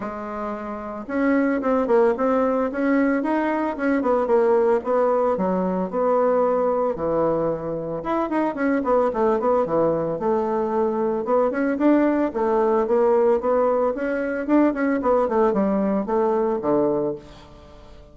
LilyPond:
\new Staff \with { instrumentName = "bassoon" } { \time 4/4 \tempo 4 = 112 gis2 cis'4 c'8 ais8 | c'4 cis'4 dis'4 cis'8 b8 | ais4 b4 fis4 b4~ | b4 e2 e'8 dis'8 |
cis'8 b8 a8 b8 e4 a4~ | a4 b8 cis'8 d'4 a4 | ais4 b4 cis'4 d'8 cis'8 | b8 a8 g4 a4 d4 | }